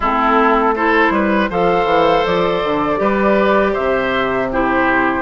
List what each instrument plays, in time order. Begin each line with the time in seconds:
0.00 bassoon A3, clarinet C4, oboe E4, flute A4
0.75 clarinet E4, oboe A4, flute C5
1.10 bassoon G3, oboe B4
1.50 bassoon F3, clarinet A4, oboe C5, flute F5
1.85 bassoon E3
2.26 bassoon F3, flute D5
2.64 bassoon D3
2.96 bassoon G3, clarinet G4, oboe B4
3.73 bassoon C3, oboe C5, flute E5
4.51 clarinet E4, oboe G4, flute C5